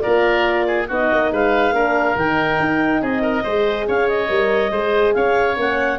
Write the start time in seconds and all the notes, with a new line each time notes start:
0.00 F4 A#4 D5
0.07 A#3
0.67 G#4
0.88 B3 D#4 F#4 D#5
1.12 A#3
1.32 G#3 B4 F5
1.72 A#3 D4 A#4
2.16 D#3 D#4 G5
2.60 D#4
3.01 C4 G#4 D#5
3.22 A#4
3.43 G#3 G#4 C5
3.88 C#4 C#5 F5
4.08 D#5
4.28 G3 A#4
4.71 G#3 G#4 C5
5.14 C#4 C#5 F5
5.56 A#3 C#4 F#5